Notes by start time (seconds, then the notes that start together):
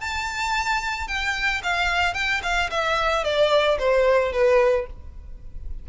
0.00 A5
1.07 G5
1.63 F5
2.14 G5
2.43 F5
2.70 E5
3.24 D5
3.79 C5
4.32 B4